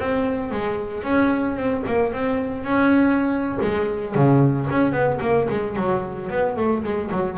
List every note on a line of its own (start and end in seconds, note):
0.00 0.51 C4
0.51 1.03 G#3
1.03 1.57 C#4
1.57 1.84 C4
1.87 2.13 A#3
2.13 2.64 C4
2.64 3.59 C#4
3.62 4.15 G#3
4.15 4.69 C#3
4.71 4.92 C#4
4.92 5.19 B3
5.21 5.48 A#3
5.50 5.76 G#3
5.76 6.30 F#3
6.30 6.57 B3
6.57 6.84 A3
6.84 7.11 G#3
7.12 7.38 F#3